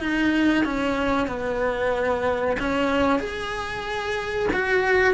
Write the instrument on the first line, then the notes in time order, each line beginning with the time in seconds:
cello
0.00 D#4
0.65 C#4
1.28 B3
2.60 C#4
3.20 G#4
4.53 F#4